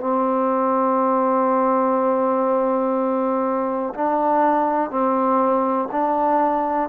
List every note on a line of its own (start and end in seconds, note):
0.00 3.93 C4
3.94 4.90 D4
4.90 5.88 C4
5.91 6.89 D4